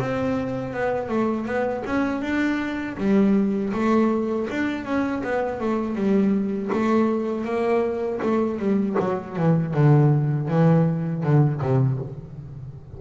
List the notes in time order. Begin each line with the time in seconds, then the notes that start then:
0.00 C4
0.74 B3
1.09 A3
1.46 B3
1.86 C#4
2.22 D4
2.98 G3
3.73 A3
4.50 D4
4.85 C#4
5.24 B3
5.60 A3
5.96 G3
6.73 A3
7.45 A#3
8.23 A3
8.59 G3
9.00 F#3
9.36 E3
9.74 D3
10.49 E3
11.24 D3
11.61 C3